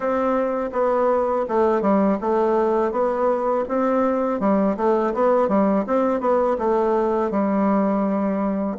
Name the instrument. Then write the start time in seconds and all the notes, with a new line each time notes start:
bassoon
0.00 C4
0.72 B3
1.48 A3
1.81 G3
2.20 A3
2.91 B3
3.68 C4
4.39 G3
4.77 A3
5.14 B3
5.48 G3
5.87 C4
6.20 B3
6.58 A3
7.30 G3